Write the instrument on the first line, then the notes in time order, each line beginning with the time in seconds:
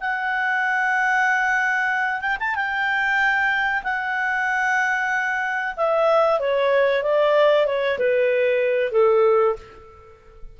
clarinet
0.00 F#5
2.21 G5
2.40 A5
2.55 G5
3.83 F#5
5.76 E5
6.40 C#5
7.03 D5
7.66 C#5
7.98 B4
8.92 A4